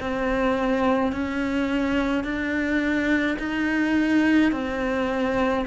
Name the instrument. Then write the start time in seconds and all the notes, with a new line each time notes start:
cello
0.00 C4
1.12 C#4
2.24 D4
3.39 D#4
4.51 C4